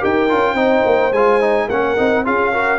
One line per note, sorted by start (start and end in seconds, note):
0.00 0.32 D#4
0.00 0.29 G4
0.00 0.55 A#4
0.00 1.13 G5
0.29 0.54 C#4
0.29 0.56 F4
0.54 0.82 C4
0.54 1.12 D#4
0.54 1.68 C5
0.86 1.12 A#3
1.12 1.68 G#3
1.12 1.41 F4
1.12 1.69 G#5
1.41 1.69 D#4
1.69 1.97 A#3
1.69 1.97 C#4
1.69 2.26 A#4
1.69 2.26 F#5
1.97 2.27 C4
1.97 2.25 D#4
2.25 2.79 C#4
2.25 2.53 F4
2.25 2.53 G#4
2.25 2.79 F5
2.53 2.79 F#4
2.53 2.79 A#4